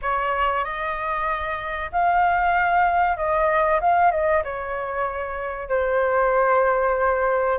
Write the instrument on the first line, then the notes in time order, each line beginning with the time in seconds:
flute
0.02 C#5
0.64 D#5
1.91 F5
3.16 D#5
3.80 F5
4.11 D#5
4.44 C#5
5.68 C5